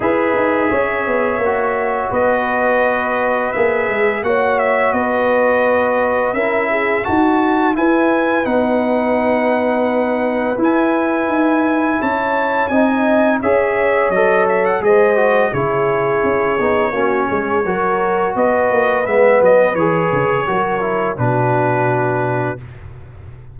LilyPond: <<
  \new Staff \with { instrumentName = "trumpet" } { \time 4/4 \tempo 4 = 85 e''2. dis''4~ | dis''4 e''4 fis''8 e''8 dis''4~ | dis''4 e''4 a''4 gis''4 | fis''2. gis''4~ |
gis''4 a''4 gis''4 e''4 | dis''8 e''16 fis''16 dis''4 cis''2~ | cis''2 dis''4 e''8 dis''8 | cis''2 b'2 | }
  \new Staff \with { instrumentName = "horn" } { \time 4/4 b'4 cis''2 b'4~ | b'2 cis''4 b'4~ | b'4 ais'8 gis'8 fis'4 b'4~ | b'1~ |
b'4 cis''4 dis''4 cis''4~ | cis''4 c''4 gis'2 | fis'8 gis'8 ais'4 b'2~ | b'4 ais'4 fis'2 | }
  \new Staff \with { instrumentName = "trombone" } { \time 4/4 gis'2 fis'2~ | fis'4 gis'4 fis'2~ | fis'4 e'4 fis'4 e'4 | dis'2. e'4~ |
e'2 dis'4 gis'4 | a'4 gis'8 fis'8 e'4. dis'8 | cis'4 fis'2 b4 | gis'4 fis'8 e'8 d'2 | }
  \new Staff \with { instrumentName = "tuba" } { \time 4/4 e'8 dis'8 cis'8 b8 ais4 b4~ | b4 ais8 gis8 ais4 b4~ | b4 cis'4 dis'4 e'4 | b2. e'4 |
dis'4 cis'4 c'4 cis'4 | fis4 gis4 cis4 cis'8 b8 | ais8 gis8 fis4 b8 ais8 gis8 fis8 | e8 cis8 fis4 b,2 | }
>>